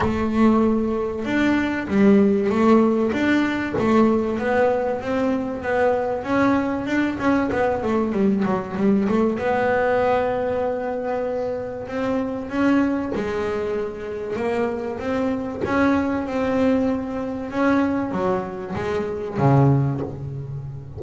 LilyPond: \new Staff \with { instrumentName = "double bass" } { \time 4/4 \tempo 4 = 96 a2 d'4 g4 | a4 d'4 a4 b4 | c'4 b4 cis'4 d'8 cis'8 | b8 a8 g8 fis8 g8 a8 b4~ |
b2. c'4 | cis'4 gis2 ais4 | c'4 cis'4 c'2 | cis'4 fis4 gis4 cis4 | }